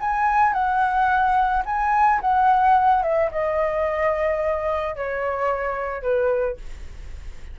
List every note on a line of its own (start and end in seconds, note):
0.00 0.53 G#5
0.53 1.63 F#5
1.65 2.20 G#5
2.21 3.02 F#5
3.02 3.30 E5
3.31 4.95 D#5
4.95 6.02 C#5
6.02 6.57 B4